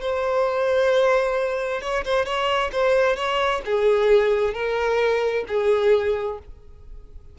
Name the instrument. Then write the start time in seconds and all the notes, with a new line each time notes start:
violin
0.00 C5
1.81 C#5
2.04 C5
2.25 C#5
2.72 C5
3.16 C#5
3.65 G#4
4.53 A#4
5.47 G#4